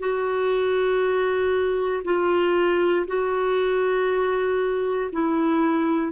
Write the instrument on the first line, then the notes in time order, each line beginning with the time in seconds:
clarinet
0.00 F#4
2.05 F4
3.07 F#4
5.13 E4